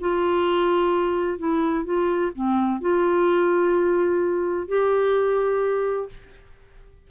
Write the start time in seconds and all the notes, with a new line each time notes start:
0.00 F4
1.38 E4
1.85 F4
2.35 C4
2.81 F4
4.68 G4